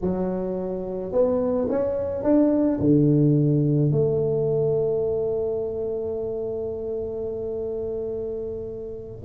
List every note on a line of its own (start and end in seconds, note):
0.01 1.12 F#3
1.12 1.68 B3
1.69 2.23 C#4
2.23 2.79 D4
2.79 3.91 D3
3.91 9.24 A3